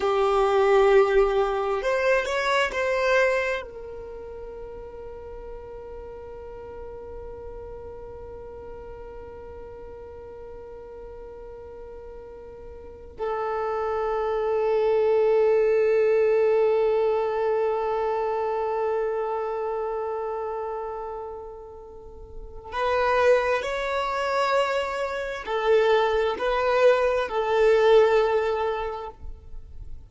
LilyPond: \new Staff \with { instrumentName = "violin" } { \time 4/4 \tempo 4 = 66 g'2 c''8 cis''8 c''4 | ais'1~ | ais'1~ | ais'2~ ais'8 a'4.~ |
a'1~ | a'1~ | a'4 b'4 cis''2 | a'4 b'4 a'2 | }